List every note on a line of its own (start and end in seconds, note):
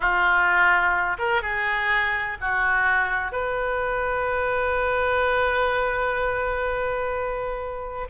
0.00 1.17 F4
1.18 1.42 A#4
1.42 2.37 G#4
2.40 3.32 F#4
3.32 8.08 B4